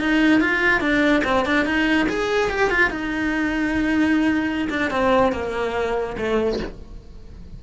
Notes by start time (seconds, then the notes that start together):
0.00 D#4
0.40 F4
0.81 D4
1.24 C4
1.45 D4
1.65 D#4
2.09 G#4
2.50 G4
2.70 F4
2.90 D#4
4.70 D4
4.90 C4
5.32 A#3
6.17 A3